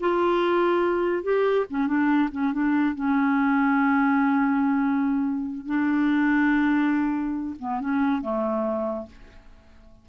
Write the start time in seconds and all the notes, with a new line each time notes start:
0.00 F4
1.23 G4
1.70 C#4
1.87 D4
2.32 C#4
2.53 D4
2.95 C#4
5.66 D4
7.59 B3
7.81 C#4
8.22 A3